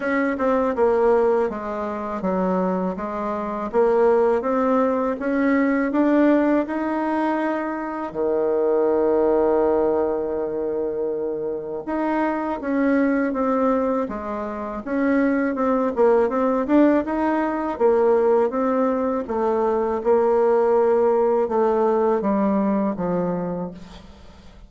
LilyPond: \new Staff \with { instrumentName = "bassoon" } { \time 4/4 \tempo 4 = 81 cis'8 c'8 ais4 gis4 fis4 | gis4 ais4 c'4 cis'4 | d'4 dis'2 dis4~ | dis1 |
dis'4 cis'4 c'4 gis4 | cis'4 c'8 ais8 c'8 d'8 dis'4 | ais4 c'4 a4 ais4~ | ais4 a4 g4 f4 | }